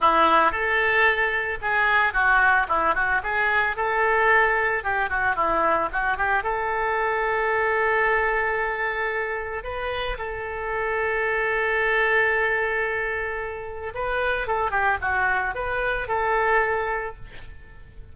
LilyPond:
\new Staff \with { instrumentName = "oboe" } { \time 4/4 \tempo 4 = 112 e'4 a'2 gis'4 | fis'4 e'8 fis'8 gis'4 a'4~ | a'4 g'8 fis'8 e'4 fis'8 g'8 | a'1~ |
a'2 b'4 a'4~ | a'1~ | a'2 b'4 a'8 g'8 | fis'4 b'4 a'2 | }